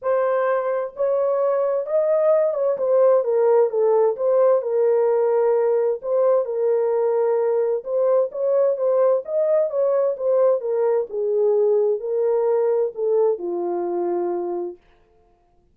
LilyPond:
\new Staff \with { instrumentName = "horn" } { \time 4/4 \tempo 4 = 130 c''2 cis''2 | dis''4. cis''8 c''4 ais'4 | a'4 c''4 ais'2~ | ais'4 c''4 ais'2~ |
ais'4 c''4 cis''4 c''4 | dis''4 cis''4 c''4 ais'4 | gis'2 ais'2 | a'4 f'2. | }